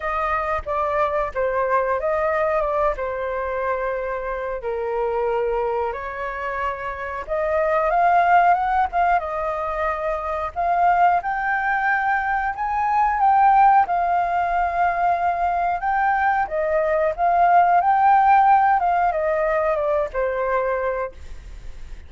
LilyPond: \new Staff \with { instrumentName = "flute" } { \time 4/4 \tempo 4 = 91 dis''4 d''4 c''4 dis''4 | d''8 c''2~ c''8 ais'4~ | ais'4 cis''2 dis''4 | f''4 fis''8 f''8 dis''2 |
f''4 g''2 gis''4 | g''4 f''2. | g''4 dis''4 f''4 g''4~ | g''8 f''8 dis''4 d''8 c''4. | }